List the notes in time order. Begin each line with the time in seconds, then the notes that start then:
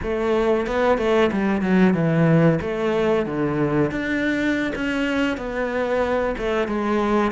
0.02 A3
0.66 B3
0.98 A3
1.32 G3
1.61 F#3
1.94 E3
2.61 A3
3.25 D3
3.91 D4
4.75 C#4
5.37 B3
6.37 A3
6.67 G#3